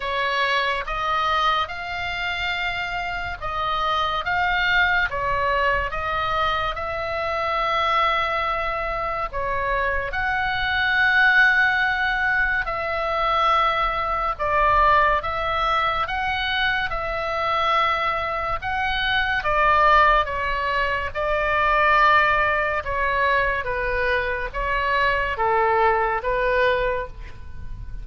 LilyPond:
\new Staff \with { instrumentName = "oboe" } { \time 4/4 \tempo 4 = 71 cis''4 dis''4 f''2 | dis''4 f''4 cis''4 dis''4 | e''2. cis''4 | fis''2. e''4~ |
e''4 d''4 e''4 fis''4 | e''2 fis''4 d''4 | cis''4 d''2 cis''4 | b'4 cis''4 a'4 b'4 | }